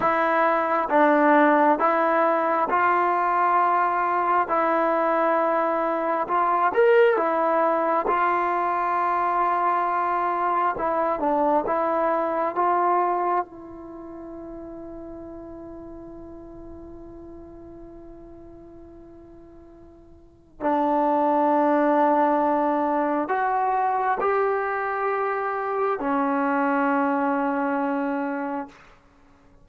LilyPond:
\new Staff \with { instrumentName = "trombone" } { \time 4/4 \tempo 4 = 67 e'4 d'4 e'4 f'4~ | f'4 e'2 f'8 ais'8 | e'4 f'2. | e'8 d'8 e'4 f'4 e'4~ |
e'1~ | e'2. d'4~ | d'2 fis'4 g'4~ | g'4 cis'2. | }